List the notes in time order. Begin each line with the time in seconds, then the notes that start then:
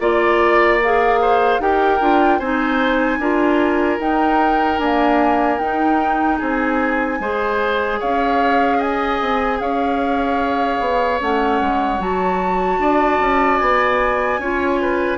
0.00 A#3 F4 D5
0.82 G#4 F5
1.21 C5
1.60 D#4 G4 A#4 G5
2.01 D4 F4
2.39 C4 D#4 C5 G#5
3.19 D4 F4 A#4
3.99 D#4 G5
4.79 A#3 D4 G#5
5.59 D#4 G5
6.38 C4 G#4 G#5
7.20 G#3 G#4 C5
8.00 C#4 C#5 F5
8.78 D#5 G#5
9.21 C4
9.60 C#4 C#5 F5
10.80 B3
11.21 A3 C#4 F#5
11.61 G#3
12.00 F#3 F#4 A5
12.79 D4 D5
13.20 C#4
13.59 B3 G#5
14.39 C#4 F4 C#5
14.81 B4